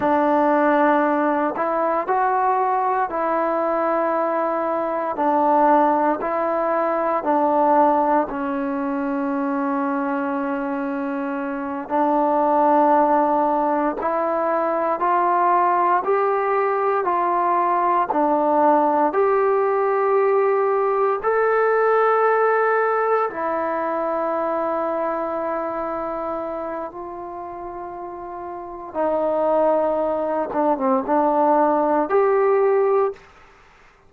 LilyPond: \new Staff \with { instrumentName = "trombone" } { \time 4/4 \tempo 4 = 58 d'4. e'8 fis'4 e'4~ | e'4 d'4 e'4 d'4 | cis'2.~ cis'8 d'8~ | d'4. e'4 f'4 g'8~ |
g'8 f'4 d'4 g'4.~ | g'8 a'2 e'4.~ | e'2 f'2 | dis'4. d'16 c'16 d'4 g'4 | }